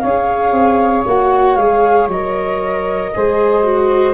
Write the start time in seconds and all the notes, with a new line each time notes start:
0.00 C#4 G#4 C#5 F5
0.52 C4
1.07 A#3 F#4 F#5
1.56 G#3 G#4 F5
2.08 F#3 A#4 D#5
3.16 G#3 G#4 C5
3.64 F#4